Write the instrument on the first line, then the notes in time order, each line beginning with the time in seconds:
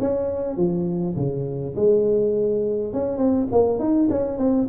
tuba
0.00 C#4
0.57 F3
1.16 C#3
1.76 G#3
2.94 C#4
3.18 C4
3.52 A#3
3.79 D#4
4.10 C#4
4.38 C4